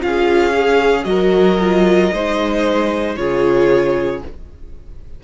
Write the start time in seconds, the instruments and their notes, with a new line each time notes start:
0.00 cello C#4, viola F4, violin G#4 F5
0.54 viola G#4
1.04 cello F#3, viola F#4, violin A#4 D#5
1.59 viola F4
2.12 cello G#3, viola D#4, violin C5
3.16 cello C#3, viola F4, violin G#4 C#5